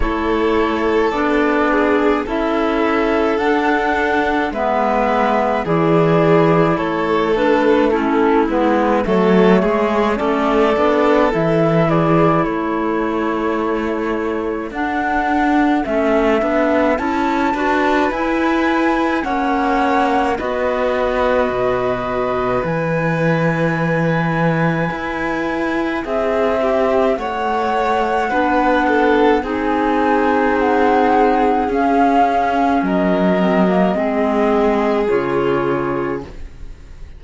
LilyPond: <<
  \new Staff \with { instrumentName = "flute" } { \time 4/4 \tempo 4 = 53 cis''4 d''4 e''4 fis''4 | e''4 d''4 cis''8 b'8 a'8 b'8 | cis''4 d''4 e''8 d''8 cis''4~ | cis''4 fis''4 e''4 a''4 |
gis''4 fis''4 dis''2 | gis''2. e''4 | fis''2 gis''4 fis''4 | f''4 dis''2 cis''4 | }
  \new Staff \with { instrumentName = "violin" } { \time 4/4 a'4. gis'8 a'2 | b'4 gis'4 a'4 e'4 | a'8 gis'8 a'4. gis'8 a'4~ | a'2.~ a'8 b'8~ |
b'4 cis''4 b'2~ | b'2. gis'8 g'8 | cis''4 b'8 a'8 gis'2~ | gis'4 ais'4 gis'2 | }
  \new Staff \with { instrumentName = "clarinet" } { \time 4/4 e'4 d'4 e'4 d'4 | b4 e'4. d'8 cis'8 b8 | a4 cis'8 d'8 e'2~ | e'4 d'4 cis'8 d'8 e'8 fis'8 |
e'4 cis'4 fis'2 | e'1~ | e'4 d'4 dis'2 | cis'4. c'16 ais16 c'4 f'4 | }
  \new Staff \with { instrumentName = "cello" } { \time 4/4 a4 b4 cis'4 d'4 | gis4 e4 a4. gis8 | fis8 gis8 a8 b8 e4 a4~ | a4 d'4 a8 b8 cis'8 d'8 |
e'4 ais4 b4 b,4 | e2 e'4 c'4 | a4 b4 c'2 | cis'4 fis4 gis4 cis4 | }
>>